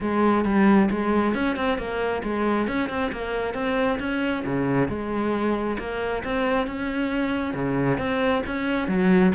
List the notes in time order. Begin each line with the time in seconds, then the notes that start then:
0.00 G#3
0.44 G3
0.90 G#3
1.34 C#4
1.56 C4
1.77 A#3
2.23 G#3
2.67 C#4
2.89 C4
3.12 A#3
3.54 C4
3.99 C#4
4.45 C#3
4.88 G#3
5.78 A#3
6.24 C4
6.67 C#4
7.54 C#3
7.97 C4
8.46 C#4
8.87 F#3